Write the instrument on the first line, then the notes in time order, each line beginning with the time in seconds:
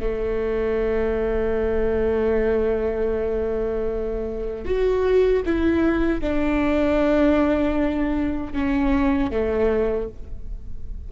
viola
0.00 A3
4.65 F#4
5.46 E4
6.21 D4
8.53 C#4
9.31 A3